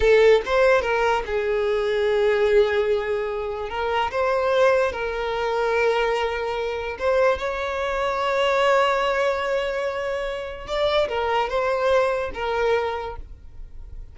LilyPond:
\new Staff \with { instrumentName = "violin" } { \time 4/4 \tempo 4 = 146 a'4 c''4 ais'4 gis'4~ | gis'1~ | gis'4 ais'4 c''2 | ais'1~ |
ais'4 c''4 cis''2~ | cis''1~ | cis''2 d''4 ais'4 | c''2 ais'2 | }